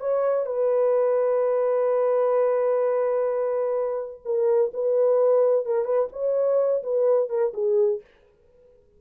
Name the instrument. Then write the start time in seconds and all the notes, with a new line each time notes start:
horn
0.00 C#5
0.46 B4
4.25 A#4
4.74 B4
5.65 A#4
5.85 B4
6.12 C#5
6.83 B4
7.29 A#4
7.54 G#4